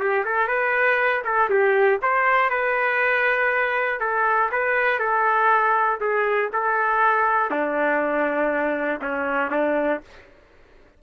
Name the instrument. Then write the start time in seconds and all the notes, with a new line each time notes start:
trumpet
0.00 G4
0.26 A4
0.48 B4
1.25 A4
1.50 G4
2.03 C5
2.51 B4
4.00 A4
4.52 B4
5.00 A4
6.01 G#4
6.53 A4
7.51 D4
9.02 C#4
9.51 D4